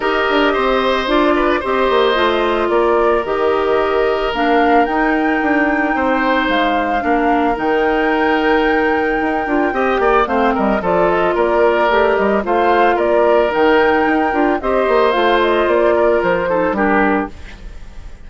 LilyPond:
<<
  \new Staff \with { instrumentName = "flute" } { \time 4/4 \tempo 4 = 111 dis''2 d''4 dis''4~ | dis''4 d''4 dis''2 | f''4 g''2. | f''2 g''2~ |
g''2. f''8 dis''8 | d''8 dis''8 d''4. dis''8 f''4 | d''4 g''2 dis''4 | f''8 dis''8 d''4 c''4 ais'4 | }
  \new Staff \with { instrumentName = "oboe" } { \time 4/4 ais'4 c''4. b'8 c''4~ | c''4 ais'2.~ | ais'2. c''4~ | c''4 ais'2.~ |
ais'2 dis''8 d''8 c''8 ais'8 | a'4 ais'2 c''4 | ais'2. c''4~ | c''4. ais'4 a'8 g'4 | }
  \new Staff \with { instrumentName = "clarinet" } { \time 4/4 g'2 f'4 g'4 | f'2 g'2 | d'4 dis'2.~ | dis'4 d'4 dis'2~ |
dis'4. f'8 g'4 c'4 | f'2 g'4 f'4~ | f'4 dis'4. f'8 g'4 | f'2~ f'8 dis'8 d'4 | }
  \new Staff \with { instrumentName = "bassoon" } { \time 4/4 dis'8 d'8 c'4 d'4 c'8 ais8 | a4 ais4 dis2 | ais4 dis'4 d'4 c'4 | gis4 ais4 dis2~ |
dis4 dis'8 d'8 c'8 ais8 a8 g8 | f4 ais4 a8 g8 a4 | ais4 dis4 dis'8 d'8 c'8 ais8 | a4 ais4 f4 g4 | }
>>